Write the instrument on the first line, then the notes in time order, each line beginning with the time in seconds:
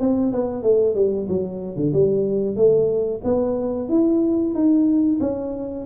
tuba
0.00 C4
0.32 B3
0.63 A3
0.95 G3
1.29 F#3
1.76 D3
1.93 G3
2.56 A3
3.24 B3
3.89 E4
4.54 D#4
5.21 C#4